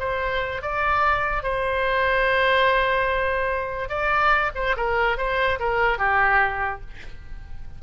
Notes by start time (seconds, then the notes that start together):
0.00 C5
0.62 D5
1.44 C5
3.89 D5
4.56 C5
4.77 A#4
5.18 C5
5.60 A#4
5.99 G4